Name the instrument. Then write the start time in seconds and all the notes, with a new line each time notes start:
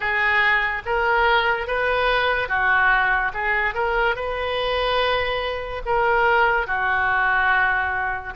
oboe
0.00 G#4
0.85 A#4
1.67 B4
2.48 F#4
3.33 G#4
3.74 A#4
4.15 B4
5.85 A#4
6.67 F#4